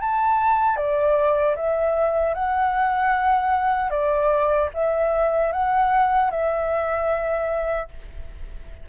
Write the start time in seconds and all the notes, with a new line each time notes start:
0.00 A5
0.76 D5
1.55 E5
2.34 F#5
3.90 D5
4.73 E5
5.52 F#5
6.30 E5